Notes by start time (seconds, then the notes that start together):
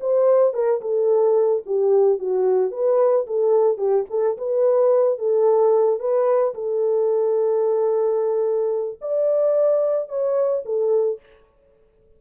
0.00 C5
0.53 A#4
0.81 A4
1.66 G4
2.19 F#4
2.71 B4
3.27 A4
3.77 G4
4.10 A4
4.38 B4
5.18 A4
5.99 B4
6.54 A4
9.01 D5
10.09 C#5
10.65 A4